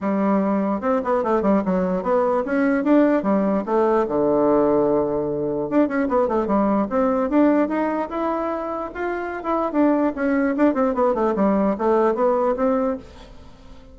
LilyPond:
\new Staff \with { instrumentName = "bassoon" } { \time 4/4 \tempo 4 = 148 g2 c'8 b8 a8 g8 | fis4 b4 cis'4 d'4 | g4 a4 d2~ | d2 d'8 cis'8 b8 a8 |
g4 c'4 d'4 dis'4 | e'2 f'4~ f'16 e'8. | d'4 cis'4 d'8 c'8 b8 a8 | g4 a4 b4 c'4 | }